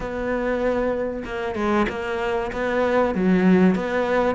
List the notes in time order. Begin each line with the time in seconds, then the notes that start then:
0.00 B3
1.24 A#3
1.55 G#3
1.89 A#3
2.52 B3
3.14 F#3
3.75 B3